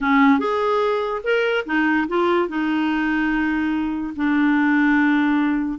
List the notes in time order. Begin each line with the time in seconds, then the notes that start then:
0.00 C#4
0.39 G#4
1.23 A#4
1.65 D#4
2.07 F4
2.48 D#4
4.16 D4